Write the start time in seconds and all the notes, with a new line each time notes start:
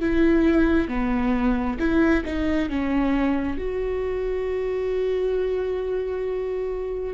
0.00 E4
0.88 B3
1.79 E4
2.25 D#4
2.69 C#4
3.58 F#4